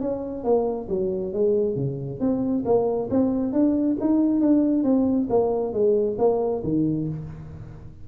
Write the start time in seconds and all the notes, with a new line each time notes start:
0.00 C#4
0.44 A#3
0.89 F#3
1.33 G#3
1.75 C#3
2.20 C4
2.65 A#3
3.10 C4
3.52 D4
4.00 D#4
4.41 D4
4.83 C4
5.29 A#3
5.73 G#3
6.18 A#3
6.63 D#3